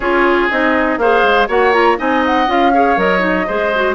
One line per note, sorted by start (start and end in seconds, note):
0.00 0.48 C#4
0.00 0.50 F4
0.00 0.98 G#4
0.00 0.49 C#5
0.50 0.97 C4
0.50 1.00 D#4
0.50 0.98 D#5
0.97 1.22 A#3
0.97 1.48 G#4
0.97 1.48 C5
0.97 1.48 F5
1.23 1.47 G#3
1.48 1.97 A#3
1.48 1.73 F#4
1.48 1.97 C#5
1.48 1.73 F#5
1.73 1.97 F4
1.73 1.97 A#5
1.97 2.47 C4
1.97 2.47 D#4
1.97 2.73 D#5
1.97 2.24 G#5
2.26 2.50 F#5
2.47 2.96 C#4
2.47 2.72 F4
2.47 2.99 F5
2.73 2.96 G#4
2.73 3.46 C#5
2.96 3.46 F#3
2.96 3.19 A#4
2.96 3.95 D#5
3.19 3.43 D#4
3.46 3.95 G#3
3.46 3.73 G#4
3.46 3.95 C5
3.75 3.95 F#4